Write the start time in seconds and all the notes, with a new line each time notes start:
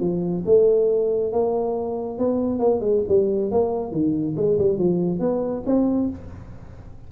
0.00 F3
0.45 A3
1.32 A#3
2.19 B3
2.59 A#3
2.80 G#3
3.08 G3
3.51 A#3
3.91 D#3
4.36 G#3
4.58 G3
4.78 F3
5.20 B3
5.66 C4